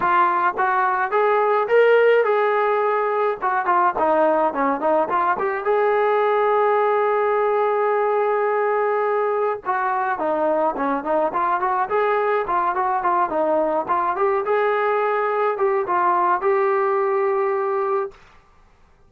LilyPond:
\new Staff \with { instrumentName = "trombone" } { \time 4/4 \tempo 4 = 106 f'4 fis'4 gis'4 ais'4 | gis'2 fis'8 f'8 dis'4 | cis'8 dis'8 f'8 g'8 gis'2~ | gis'1~ |
gis'4 fis'4 dis'4 cis'8 dis'8 | f'8 fis'8 gis'4 f'8 fis'8 f'8 dis'8~ | dis'8 f'8 g'8 gis'2 g'8 | f'4 g'2. | }